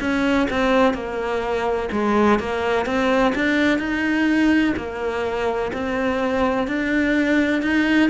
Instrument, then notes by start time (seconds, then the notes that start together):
cello
0.00 C#4
0.50 C4
0.94 A#3
1.92 G#3
2.39 A#3
2.86 C4
3.35 D4
3.78 D#4
4.77 A#3
5.73 C4
6.68 D4
7.62 D#4